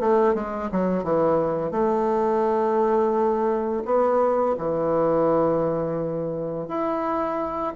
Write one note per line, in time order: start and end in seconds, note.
0.00 0.34 A3
0.34 0.70 G#3
0.72 1.04 F#3
1.04 1.71 E3
1.71 3.83 A3
3.85 4.56 B3
4.58 6.68 E3
6.68 7.74 E4